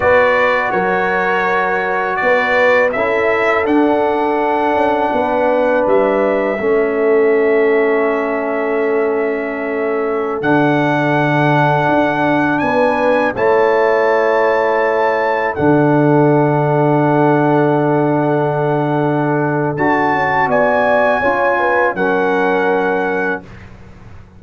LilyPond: <<
  \new Staff \with { instrumentName = "trumpet" } { \time 4/4 \tempo 4 = 82 d''4 cis''2 d''4 | e''4 fis''2. | e''1~ | e''2~ e''16 fis''4.~ fis''16~ |
fis''4~ fis''16 gis''4 a''4.~ a''16~ | a''4~ a''16 fis''2~ fis''8.~ | fis''2. a''4 | gis''2 fis''2 | }
  \new Staff \with { instrumentName = "horn" } { \time 4/4 b'4 ais'2 b'4 | a'2. b'4~ | b'4 a'2.~ | a'1~ |
a'4~ a'16 b'4 cis''4.~ cis''16~ | cis''4~ cis''16 a'2~ a'8.~ | a'1 | d''4 cis''8 b'8 ais'2 | }
  \new Staff \with { instrumentName = "trombone" } { \time 4/4 fis'1 | e'4 d'2.~ | d'4 cis'2.~ | cis'2~ cis'16 d'4.~ d'16~ |
d'2~ d'16 e'4.~ e'16~ | e'4~ e'16 d'2~ d'8.~ | d'2. fis'4~ | fis'4 f'4 cis'2 | }
  \new Staff \with { instrumentName = "tuba" } { \time 4/4 b4 fis2 b4 | cis'4 d'4. cis'8 b4 | g4 a2.~ | a2~ a16 d4.~ d16~ |
d16 d'4 b4 a4.~ a16~ | a4~ a16 d2~ d8.~ | d2. d'8 cis'8 | b4 cis'4 fis2 | }
>>